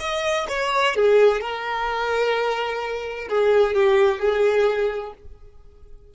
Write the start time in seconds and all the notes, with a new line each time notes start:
0.00 D#5
0.49 C#5
0.95 G#4
1.41 A#4
3.29 G#4
3.74 G4
4.19 G#4